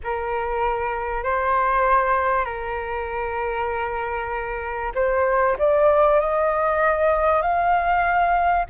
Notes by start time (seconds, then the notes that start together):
0.03 A#4
1.23 C5
2.45 A#4
4.95 C5
5.58 D5
6.19 D#5
7.41 F5